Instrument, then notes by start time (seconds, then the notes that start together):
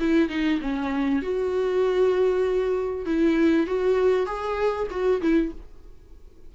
viola
0.00 E4
0.29 D#4
0.61 C#4
1.23 F#4
3.06 E4
3.67 F#4
4.27 G#4
4.91 F#4
5.22 E4